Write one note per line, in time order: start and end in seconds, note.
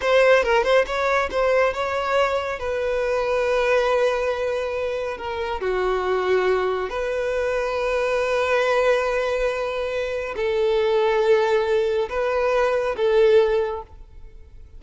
0.01 0.43 C5
0.43 0.63 A#4
0.63 0.85 C5
0.86 1.29 C#5
1.30 1.73 C5
1.73 2.59 C#5
2.59 5.17 B4
5.17 5.60 A#4
5.61 6.89 F#4
6.89 10.35 B4
10.36 12.08 A4
12.09 12.95 B4
12.96 13.82 A4